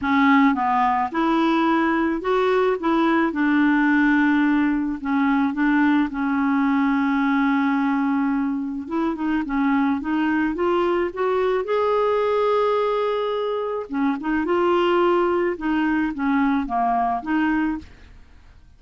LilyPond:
\new Staff \with { instrumentName = "clarinet" } { \time 4/4 \tempo 4 = 108 cis'4 b4 e'2 | fis'4 e'4 d'2~ | d'4 cis'4 d'4 cis'4~ | cis'1 |
e'8 dis'8 cis'4 dis'4 f'4 | fis'4 gis'2.~ | gis'4 cis'8 dis'8 f'2 | dis'4 cis'4 ais4 dis'4 | }